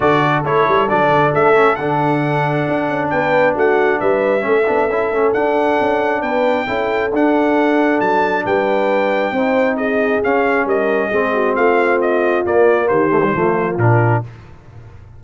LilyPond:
<<
  \new Staff \with { instrumentName = "trumpet" } { \time 4/4 \tempo 4 = 135 d''4 cis''4 d''4 e''4 | fis''2. g''4 | fis''4 e''2. | fis''2 g''2 |
fis''2 a''4 g''4~ | g''2 dis''4 f''4 | dis''2 f''4 dis''4 | d''4 c''2 ais'4 | }
  \new Staff \with { instrumentName = "horn" } { \time 4/4 a'1~ | a'2. b'4 | fis'4 b'4 a'2~ | a'2 b'4 a'4~ |
a'2. b'4~ | b'4 c''4 gis'2 | ais'4 gis'8 fis'8 f'2~ | f'4 g'4 f'2 | }
  \new Staff \with { instrumentName = "trombone" } { \time 4/4 fis'4 e'4 d'4. cis'8 | d'1~ | d'2 cis'8 d'8 e'8 cis'8 | d'2. e'4 |
d'1~ | d'4 dis'2 cis'4~ | cis'4 c'2. | ais4. a16 g16 a4 d'4 | }
  \new Staff \with { instrumentName = "tuba" } { \time 4/4 d4 a8 g8 fis8 d8 a4 | d2 d'8 cis'8 b4 | a4 g4 a8 b8 cis'8 a8 | d'4 cis'4 b4 cis'4 |
d'2 fis4 g4~ | g4 c'2 cis'4 | g4 gis4 a2 | ais4 dis4 f4 ais,4 | }
>>